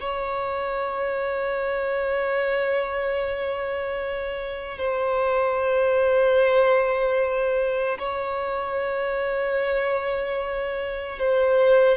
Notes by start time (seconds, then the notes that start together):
0.00 C#5
4.78 C5
7.99 C#5
11.19 C5